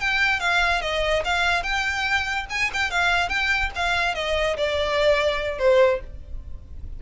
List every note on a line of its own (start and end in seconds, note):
0.00 0.39 G5
0.39 0.81 F5
0.81 1.23 D#5
1.24 1.63 F5
1.63 2.46 G5
2.50 2.70 G#5
2.73 2.90 G5
2.90 3.29 F5
3.29 3.70 G5
3.75 4.15 F5
4.15 4.56 D#5
4.57 5.58 D5
5.58 6.00 C5